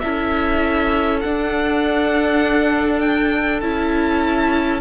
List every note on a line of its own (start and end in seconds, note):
0.00 1.24 C#4
0.00 1.24 E4
0.00 4.81 A4
0.00 1.20 E5
1.21 3.62 D4
1.21 3.00 F#5
3.00 3.60 G5
3.61 4.81 C#4
3.61 4.81 E4
3.61 4.81 A5